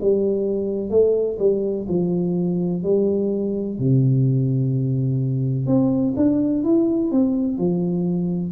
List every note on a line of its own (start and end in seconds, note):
0.00 0.90 G3
0.90 1.37 A3
1.39 1.86 G3
1.88 2.83 F3
2.83 3.78 G3
3.78 5.66 C3
5.66 6.14 C4
6.16 6.64 D4
6.64 7.11 E4
7.11 7.58 C4
7.58 8.52 F3